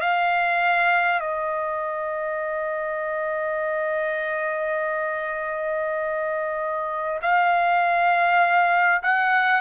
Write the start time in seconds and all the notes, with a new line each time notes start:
0.00 F5
1.19 D#5
7.22 F5
9.02 F#5